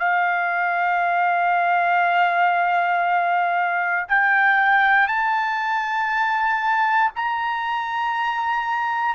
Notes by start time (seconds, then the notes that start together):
0.00 F5
4.09 G5
5.08 A5
7.16 A#5